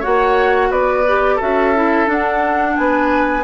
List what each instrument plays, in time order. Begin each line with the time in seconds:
0.00 bassoon A#3, clarinet F#4, oboe C#5, flute F#5
0.70 bassoon B3, oboe B4, flute D5
1.07 clarinet G4
1.36 clarinet F#4, oboe A4, flute E5
1.42 bassoon C#4
1.75 clarinet E4
2.06 clarinet D4, bassoon D4, flute F#5
2.76 bassoon B3, oboe B4, flute G#5